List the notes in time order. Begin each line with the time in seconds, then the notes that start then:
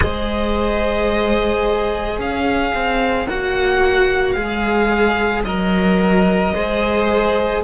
0.00 G#3 G#4 C5 D#5
2.18 C#4 C#5 F5
2.74 C4
3.27 A#3 F#4 F#5
4.32 G#3 G#4 F5
5.43 F#3 A#4 D#5
6.54 G#3 G#4 C5